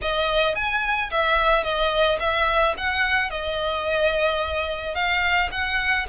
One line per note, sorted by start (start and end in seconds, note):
0.02 0.55 D#5
0.55 1.10 G#5
1.10 1.63 E5
1.63 2.18 D#5
2.19 2.74 E5
2.77 3.30 F#5
3.30 4.94 D#5
4.94 5.49 F5
5.51 6.06 F#5